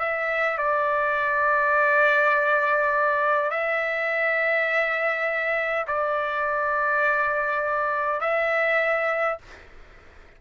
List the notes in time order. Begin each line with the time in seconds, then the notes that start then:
0.00 E5
0.58 D5
3.51 E5
5.88 D5
8.21 E5